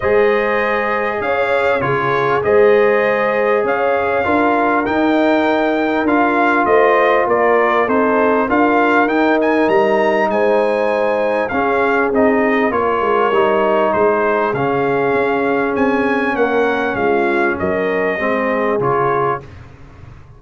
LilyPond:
<<
  \new Staff \with { instrumentName = "trumpet" } { \time 4/4 \tempo 4 = 99 dis''2 f''4 cis''4 | dis''2 f''2 | g''2 f''4 dis''4 | d''4 c''4 f''4 g''8 gis''8 |
ais''4 gis''2 f''4 | dis''4 cis''2 c''4 | f''2 gis''4 fis''4 | f''4 dis''2 cis''4 | }
  \new Staff \with { instrumentName = "horn" } { \time 4/4 c''2 cis''4 gis'4 | c''2 cis''4 ais'4~ | ais'2. c''4 | ais'4 a'4 ais'2~ |
ais'4 c''2 gis'4~ | gis'4 ais'2 gis'4~ | gis'2. ais'4 | f'4 ais'4 gis'2 | }
  \new Staff \with { instrumentName = "trombone" } { \time 4/4 gis'2. f'4 | gis'2. f'4 | dis'2 f'2~ | f'4 dis'4 f'4 dis'4~ |
dis'2. cis'4 | dis'4 f'4 dis'2 | cis'1~ | cis'2 c'4 f'4 | }
  \new Staff \with { instrumentName = "tuba" } { \time 4/4 gis2 cis'4 cis4 | gis2 cis'4 d'4 | dis'2 d'4 a4 | ais4 c'4 d'4 dis'4 |
g4 gis2 cis'4 | c'4 ais8 gis8 g4 gis4 | cis4 cis'4 c'4 ais4 | gis4 fis4 gis4 cis4 | }
>>